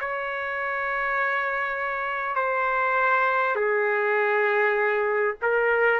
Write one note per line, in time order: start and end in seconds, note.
0.00 2.36 C#5
2.36 3.56 C5
3.56 5.36 G#4
5.42 6.00 A#4